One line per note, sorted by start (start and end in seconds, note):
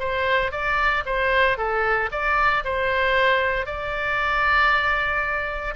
0.00 0.52 C5
0.52 1.04 D5
1.06 1.58 C5
1.58 2.10 A4
2.12 2.64 D5
2.64 3.66 C5
3.66 5.75 D5